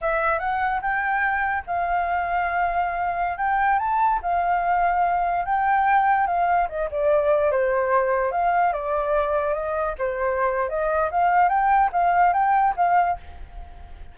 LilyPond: \new Staff \with { instrumentName = "flute" } { \time 4/4 \tempo 4 = 146 e''4 fis''4 g''2 | f''1~ | f''16 g''4 a''4 f''4.~ f''16~ | f''4~ f''16 g''2 f''8.~ |
f''16 dis''8 d''4. c''4.~ c''16~ | c''16 f''4 d''2 dis''8.~ | dis''16 c''4.~ c''16 dis''4 f''4 | g''4 f''4 g''4 f''4 | }